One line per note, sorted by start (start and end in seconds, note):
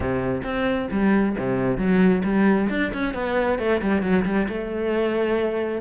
0.00 0.42 C3
0.43 0.88 C4
0.91 1.36 G3
1.38 1.77 C3
1.77 2.22 F#3
2.24 2.69 G3
2.69 2.91 D4
2.93 3.14 C#4
3.14 3.58 B3
3.58 3.81 A3
3.81 4.02 G3
4.02 4.24 F#3
4.25 4.47 G3
4.48 5.81 A3